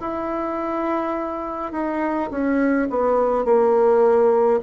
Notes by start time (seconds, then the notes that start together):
0.00 E4
1.72 D#4
2.30 C#4
2.90 B3
3.45 A#3